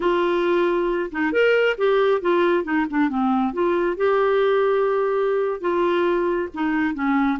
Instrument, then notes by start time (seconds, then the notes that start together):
clarinet
0.00 F4
1.11 D#4
1.32 A#4
1.77 G4
2.21 F4
2.64 D#4
2.90 D4
3.09 C4
3.53 F4
3.96 G4
5.60 F4
6.53 D#4
6.94 C#4